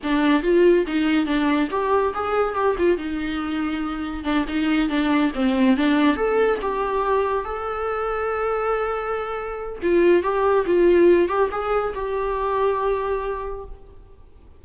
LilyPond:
\new Staff \with { instrumentName = "viola" } { \time 4/4 \tempo 4 = 141 d'4 f'4 dis'4 d'4 | g'4 gis'4 g'8 f'8 dis'4~ | dis'2 d'8 dis'4 d'8~ | d'8 c'4 d'4 a'4 g'8~ |
g'4. a'2~ a'8~ | a'2. f'4 | g'4 f'4. g'8 gis'4 | g'1 | }